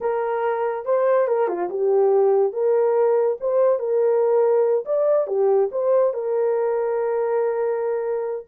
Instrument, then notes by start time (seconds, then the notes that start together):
horn
0.00 A#4
0.85 C5
1.27 A#4
1.48 F4
1.69 G4
2.53 A#4
3.40 C5
3.79 A#4
4.85 D5
5.27 G4
5.71 C5
6.13 A#4